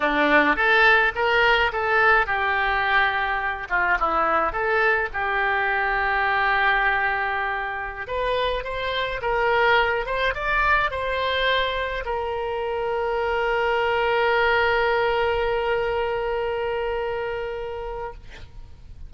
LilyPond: \new Staff \with { instrumentName = "oboe" } { \time 4/4 \tempo 4 = 106 d'4 a'4 ais'4 a'4 | g'2~ g'8 f'8 e'4 | a'4 g'2.~ | g'2~ g'16 b'4 c''8.~ |
c''16 ais'4. c''8 d''4 c''8.~ | c''4~ c''16 ais'2~ ais'8.~ | ais'1~ | ais'1 | }